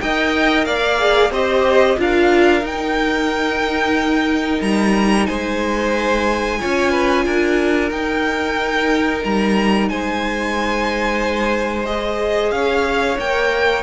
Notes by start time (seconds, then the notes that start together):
0.00 D#4 A#4 D#5 G5
0.65 A#3 D5 F5
0.98 G#4
1.30 C4 G4 C5 D#5
1.98 D4 F4 A#4 F5
2.62 D#4 G5
4.61 G3 A#5
5.26 G#3 C5 G#5
6.59 C#4 F4 C#5
6.91 B4
7.25 D4 A#4
7.91 D#4 G5
9.24 G3 A#5
9.89 G#3 C5 G#5
11.85 G#4 D#5
12.51 C#4 C#5 F5
13.19 A#3 A#4 G5